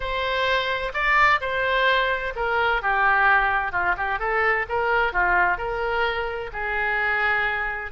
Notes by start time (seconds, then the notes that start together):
0.00 C5
0.93 D5
1.40 C5
2.35 A#4
2.82 G4
3.72 F4
3.97 G4
4.19 A4
4.68 A#4
5.12 F4
5.57 A#4
6.52 G#4